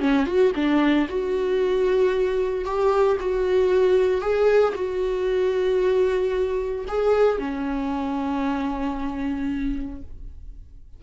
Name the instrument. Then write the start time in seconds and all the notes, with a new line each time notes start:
viola
0.00 C#4
0.26 F#4
0.55 D4
1.09 F#4
2.65 G4
3.20 F#4
4.21 G#4
4.75 F#4
6.88 G#4
7.38 C#4